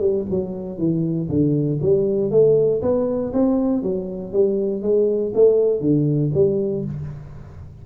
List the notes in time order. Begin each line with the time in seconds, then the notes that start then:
0.00 G3
0.31 F#3
0.79 E3
1.29 D3
1.82 G3
2.31 A3
2.82 B3
3.33 C4
3.83 F#3
4.33 G3
4.83 G#3
5.35 A3
5.81 D3
6.35 G3